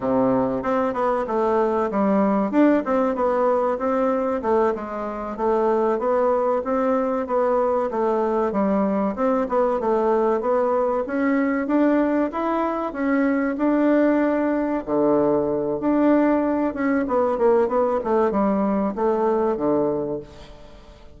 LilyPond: \new Staff \with { instrumentName = "bassoon" } { \time 4/4 \tempo 4 = 95 c4 c'8 b8 a4 g4 | d'8 c'8 b4 c'4 a8 gis8~ | gis8 a4 b4 c'4 b8~ | b8 a4 g4 c'8 b8 a8~ |
a8 b4 cis'4 d'4 e'8~ | e'8 cis'4 d'2 d8~ | d4 d'4. cis'8 b8 ais8 | b8 a8 g4 a4 d4 | }